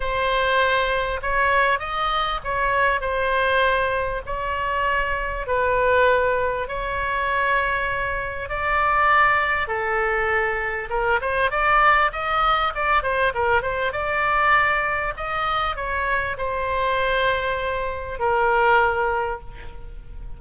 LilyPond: \new Staff \with { instrumentName = "oboe" } { \time 4/4 \tempo 4 = 99 c''2 cis''4 dis''4 | cis''4 c''2 cis''4~ | cis''4 b'2 cis''4~ | cis''2 d''2 |
a'2 ais'8 c''8 d''4 | dis''4 d''8 c''8 ais'8 c''8 d''4~ | d''4 dis''4 cis''4 c''4~ | c''2 ais'2 | }